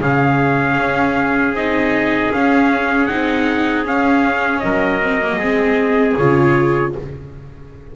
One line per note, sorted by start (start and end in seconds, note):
0.00 0.76 C#3
0.00 1.55 C#4
0.00 4.62 G#4
0.00 1.55 F5
0.76 1.53 C#4
1.53 2.30 C4
1.53 2.32 D#4
1.53 2.32 D#5
2.32 3.08 C#4
2.32 3.06 F5
3.06 3.85 C4
3.06 3.85 D#4
3.06 3.83 F#5
3.85 5.00 C#4
3.85 4.62 C#4
3.85 4.59 F5
4.59 5.36 F#3
4.59 5.39 A#4
4.59 6.13 D#5
5.02 5.21 C4
5.21 5.40 A#3
5.36 6.13 G#3
5.36 6.18 C4
5.36 6.92 G#4
6.16 6.95 C#3
6.16 6.95 F4
6.16 6.93 C#5